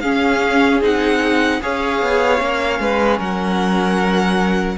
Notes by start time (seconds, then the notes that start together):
0.00 C#4 G#4 F5
0.80 C4 D#4 F#5
1.61 C#4 G#4 C#5 F5
2.01 B3
2.37 A#3 C#4
2.79 G#3 B4
3.18 F#3 A#4 F#5